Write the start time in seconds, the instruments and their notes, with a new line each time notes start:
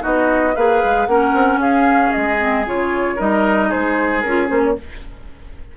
0.00 bassoon B3, clarinet D#4, oboe F#4, flute D#5
0.55 bassoon A#3, clarinet G#4, oboe B4, flute F5
0.84 bassoon G#3
1.06 bassoon A#3, clarinet C#4, oboe A#4, flute F#5
1.33 bassoon C4
1.56 bassoon C#4, oboe G#4, flute F5
2.12 bassoon G#3, flute D#5
2.38 clarinet C4
2.66 bassoon C#3, clarinet F4, flute C#5
3.16 bassoon G3, clarinet D#4, oboe A#4, flute D#5
3.69 bassoon G#3, oboe G#4, flute C5
4.21 bassoon C#4, flute A#4
4.28 clarinet F4
4.47 bassoon A#3, clarinet C#4, flute C5
4.64 flute C#5